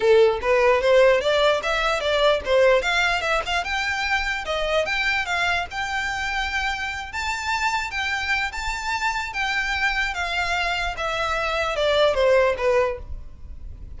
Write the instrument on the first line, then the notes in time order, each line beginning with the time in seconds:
violin
0.00 A4
0.41 B4
0.81 C5
1.20 D5
1.62 E5
2.00 D5
2.45 C5
2.82 F5
3.21 E5
3.46 F5
3.64 G5
4.45 D#5
4.85 G5
5.25 F5
5.71 G5
7.12 A5
7.90 G5
8.52 A5
9.33 G5
10.14 F5
10.97 E5
11.75 D5
12.14 C5
12.57 B4